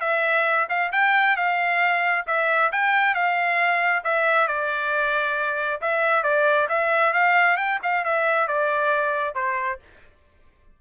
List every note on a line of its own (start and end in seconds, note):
0.00 0.67 E5
0.69 0.91 F5
0.92 1.36 G5
1.36 2.25 F5
2.26 2.71 E5
2.71 3.14 G5
3.14 4.03 F5
4.04 4.47 E5
4.47 5.80 D5
5.81 6.23 E5
6.23 6.67 D5
6.68 7.13 E5
7.13 7.56 F5
7.56 7.79 G5
7.82 8.04 F5
8.04 8.47 E5
8.47 9.35 D5
9.35 9.79 C5